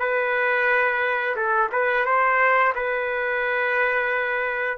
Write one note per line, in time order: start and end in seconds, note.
0.00 1.36 B4
1.37 1.71 A4
1.73 2.06 B4
2.06 2.74 C5
2.75 4.78 B4